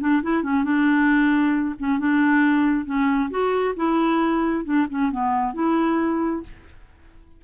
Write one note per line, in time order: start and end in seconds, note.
0.00 0.22 D4
0.22 0.43 E4
0.43 0.64 C#4
0.64 1.75 D4
1.79 1.99 C#4
1.99 2.85 D4
2.85 3.30 C#4
3.30 3.75 F#4
3.76 4.64 E4
4.64 4.87 D4
4.90 5.11 C#4
5.11 5.54 B3
5.54 6.43 E4